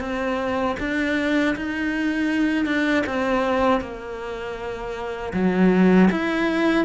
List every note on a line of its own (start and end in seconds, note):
0.00 0.76 C4
0.80 1.56 D4
1.56 2.66 D#4
2.66 3.04 D4
3.06 3.81 C4
3.81 5.33 A#3
5.34 6.10 F#3
6.11 6.85 E4